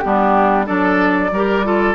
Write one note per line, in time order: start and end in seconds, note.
0.00 0.69 G3
0.00 0.66 B3
0.00 0.67 D4
0.00 0.65 G4
0.66 1.32 F#3
0.66 1.31 D4
0.66 1.31 A4
0.66 1.96 D5
1.32 1.96 G3
1.32 1.65 G4
1.32 1.66 A#4
1.65 1.96 F4
1.65 1.96 A4